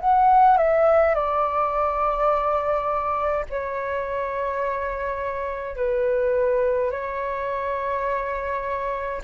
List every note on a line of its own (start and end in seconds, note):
0.00 0.57 F#5
0.57 1.14 E5
1.14 3.45 D5
3.49 5.76 C#5
5.76 6.91 B4
6.91 9.22 C#5